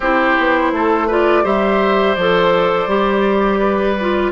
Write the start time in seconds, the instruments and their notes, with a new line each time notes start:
0.00 bassoon C4, clarinet E4, oboe G4, flute C5
0.38 bassoon B3
0.72 bassoon A3, oboe A4
1.07 clarinet F4, oboe B4, flute D5
1.43 bassoon G3, clarinet G4, oboe C5, flute E5
2.14 bassoon F3, clarinet A4, flute D5
2.87 bassoon G3, clarinet G4
3.59 oboe B4
4.00 clarinet F4